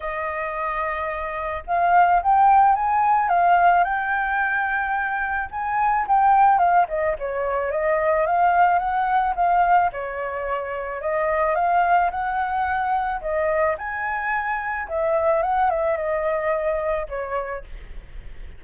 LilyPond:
\new Staff \with { instrumentName = "flute" } { \time 4/4 \tempo 4 = 109 dis''2. f''4 | g''4 gis''4 f''4 g''4~ | g''2 gis''4 g''4 | f''8 dis''8 cis''4 dis''4 f''4 |
fis''4 f''4 cis''2 | dis''4 f''4 fis''2 | dis''4 gis''2 e''4 | fis''8 e''8 dis''2 cis''4 | }